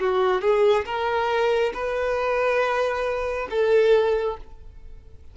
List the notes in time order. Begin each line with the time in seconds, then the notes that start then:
0.00 F#4
0.42 G#4
0.85 A#4
1.74 B4
3.50 A4